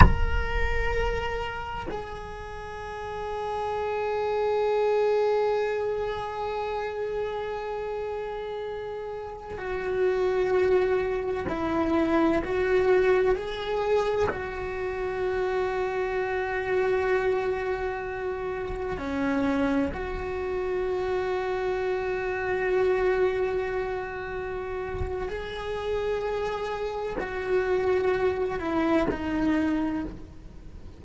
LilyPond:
\new Staff \with { instrumentName = "cello" } { \time 4/4 \tempo 4 = 64 ais'2 gis'2~ | gis'1~ | gis'2~ gis'16 fis'4.~ fis'16~ | fis'16 e'4 fis'4 gis'4 fis'8.~ |
fis'1~ | fis'16 cis'4 fis'2~ fis'8.~ | fis'2. gis'4~ | gis'4 fis'4. e'8 dis'4 | }